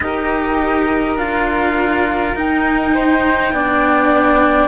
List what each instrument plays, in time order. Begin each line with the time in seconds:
0.00 cello D#4 G4, flute A#4 D#5
1.16 cello D4 F4, flute F5
2.34 cello D#4, flute G5
2.94 flute C5
3.51 cello B3 D4, flute D5